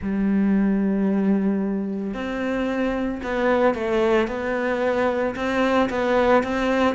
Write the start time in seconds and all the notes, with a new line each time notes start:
0.02 G3
2.14 C4
3.23 B3
3.74 A3
4.27 B3
5.35 C4
5.89 B3
6.43 C4